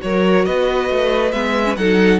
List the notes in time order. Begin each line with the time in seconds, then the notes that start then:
0.00 F#3 F#4 A#4 C#5
0.45 B3 B4 D#5
0.89 A3
1.32 G#3 B3 E5
1.64 C#4
1.76 F#3 D#4 A4 F#5